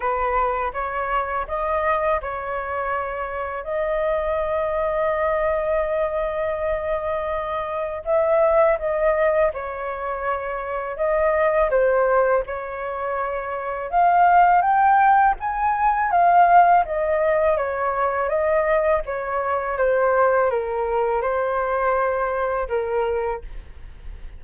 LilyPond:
\new Staff \with { instrumentName = "flute" } { \time 4/4 \tempo 4 = 82 b'4 cis''4 dis''4 cis''4~ | cis''4 dis''2.~ | dis''2. e''4 | dis''4 cis''2 dis''4 |
c''4 cis''2 f''4 | g''4 gis''4 f''4 dis''4 | cis''4 dis''4 cis''4 c''4 | ais'4 c''2 ais'4 | }